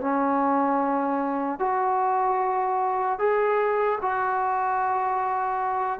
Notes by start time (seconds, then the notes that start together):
0.00 C#4
1.59 F#4
3.18 G#4
4.01 F#4